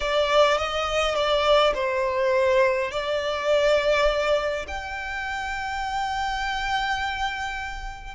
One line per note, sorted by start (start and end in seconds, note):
0.00 0.57 D5
0.57 1.15 D#5
1.15 1.73 D5
1.74 2.91 C5
2.91 4.65 D5
4.67 8.14 G5